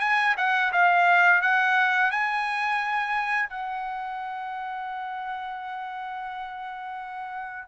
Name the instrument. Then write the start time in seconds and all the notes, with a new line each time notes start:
trumpet
0.00 G#5
0.37 F#5
0.72 F5
1.41 F#5
2.11 G#5
3.49 F#5